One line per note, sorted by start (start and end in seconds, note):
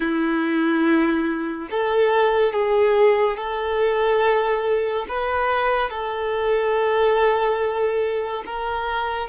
0.00 1.68 E4
1.71 2.52 A4
2.52 3.36 G#4
3.36 5.06 A4
5.08 5.89 B4
5.89 8.43 A4
8.45 9.29 A#4